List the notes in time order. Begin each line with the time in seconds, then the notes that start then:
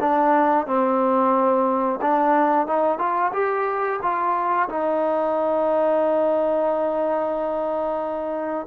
0.00 D4
0.66 C4
2.01 D4
2.67 D#4
2.98 F4
3.33 G4
4.02 F4
4.69 D#4